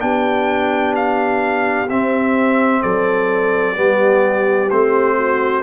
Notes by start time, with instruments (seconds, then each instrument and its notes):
0.00 tuba B3, trombone D4, horn G4, trumpet G5
0.95 trumpet F5
1.89 tuba C4, trombone C4, trumpet E5
2.81 tuba F#3, horn A4, trumpet D5
3.75 tuba G3, trombone B3, horn G4
4.70 tuba A3, trombone C4, trumpet C5
5.16 horn F#4